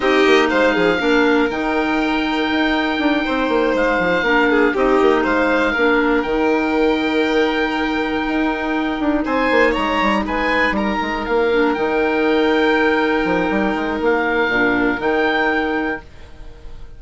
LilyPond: <<
  \new Staff \with { instrumentName = "oboe" } { \time 4/4 \tempo 4 = 120 dis''4 f''2 g''4~ | g''2.~ g''8 f''8~ | f''4. dis''4 f''4.~ | f''8 g''2.~ g''8~ |
g''2~ g''8 gis''4 ais''8~ | ais''8 gis''4 ais''4 f''4 g''8~ | g''1 | f''2 g''2 | }
  \new Staff \with { instrumentName = "violin" } { \time 4/4 g'4 c''8 gis'8 ais'2~ | ais'2~ ais'8 c''4.~ | c''8 ais'8 gis'8 g'4 c''4 ais'8~ | ais'1~ |
ais'2~ ais'8 c''4 cis''8~ | cis''8 b'4 ais'2~ ais'8~ | ais'1~ | ais'1 | }
  \new Staff \with { instrumentName = "clarinet" } { \time 4/4 dis'2 d'4 dis'4~ | dis'1~ | dis'8 d'4 dis'2 d'8~ | d'8 dis'2.~ dis'8~ |
dis'1~ | dis'2. d'8 dis'8~ | dis'1~ | dis'4 d'4 dis'2 | }
  \new Staff \with { instrumentName = "bassoon" } { \time 4/4 c'8 ais8 gis8 f8 ais4 dis4~ | dis4 dis'4 d'8 c'8 ais8 gis8 | f8 ais4 c'8 ais8 gis4 ais8~ | ais8 dis2.~ dis8~ |
dis8 dis'4. d'8 c'8 ais8 gis8 | g8 gis4 g8 gis8 ais4 dis8~ | dis2~ dis8 f8 g8 gis8 | ais4 ais,4 dis2 | }
>>